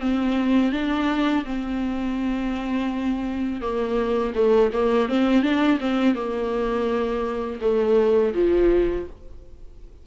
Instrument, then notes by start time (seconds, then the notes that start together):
viola
0.00 C4
0.72 D4
1.45 C4
3.61 A#3
4.35 A3
4.73 A#3
5.09 C4
5.42 D4
5.80 C4
6.15 A#3
7.61 A3
8.34 F3